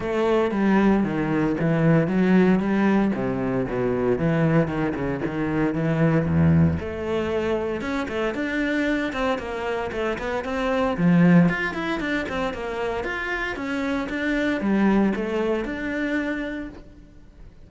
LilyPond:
\new Staff \with { instrumentName = "cello" } { \time 4/4 \tempo 4 = 115 a4 g4 dis4 e4 | fis4 g4 c4 b,4 | e4 dis8 cis8 dis4 e4 | e,4 a2 cis'8 a8 |
d'4. c'8 ais4 a8 b8 | c'4 f4 f'8 e'8 d'8 c'8 | ais4 f'4 cis'4 d'4 | g4 a4 d'2 | }